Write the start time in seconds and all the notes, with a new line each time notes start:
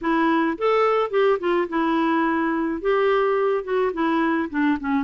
0.01 E4
0.58 A4
1.10 G4
1.39 F4
1.68 E4
2.81 G4
3.64 F#4
3.93 E4
4.50 D4
4.79 C#4